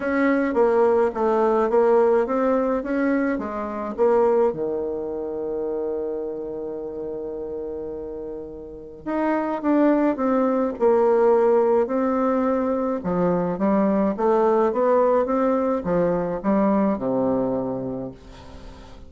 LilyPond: \new Staff \with { instrumentName = "bassoon" } { \time 4/4 \tempo 4 = 106 cis'4 ais4 a4 ais4 | c'4 cis'4 gis4 ais4 | dis1~ | dis1 |
dis'4 d'4 c'4 ais4~ | ais4 c'2 f4 | g4 a4 b4 c'4 | f4 g4 c2 | }